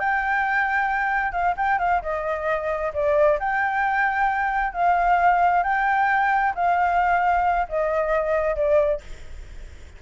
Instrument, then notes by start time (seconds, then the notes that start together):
flute
0.00 G5
1.32 F5
1.57 G5
1.79 F5
2.03 D#5
2.94 D5
3.40 G5
4.73 F5
5.64 G5
6.55 F5
7.69 D#5
8.56 D5